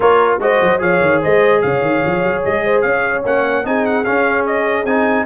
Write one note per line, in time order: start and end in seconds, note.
0.00 0.39 A#3
0.00 0.40 F4
0.00 0.40 A#4
0.00 0.39 C#5
0.39 0.59 G#3
0.39 0.78 F#4
0.39 0.81 C5
0.39 0.81 D#5
0.62 0.80 F#3
0.78 1.00 F3
0.78 3.22 G#4
0.78 1.21 C#5
0.78 1.21 F5
1.00 1.21 D#3
1.21 1.64 G#3
1.21 1.61 C5
1.21 1.61 D#5
1.61 1.81 C#3
1.61 2.64 C#5
1.61 2.42 F5
1.81 2.01 D#3
2.05 2.23 F3
2.23 2.43 F#3
2.44 2.84 G#3
2.44 2.81 D#5
2.64 2.82 C5
2.81 3.24 C#4
2.81 3.63 C#5
2.81 3.22 F5
3.25 3.64 A#3
3.25 3.63 C#4
3.25 3.66 F#5
3.63 4.05 C4
3.63 4.04 D#4
3.63 5.26 G#4
3.63 3.85 G#5
3.85 4.04 F#5
4.04 4.86 C#4
4.04 4.84 C#4
4.04 4.45 F5
4.46 4.85 D#5
4.84 5.24 C4
4.84 5.26 D#4
4.84 5.26 G#5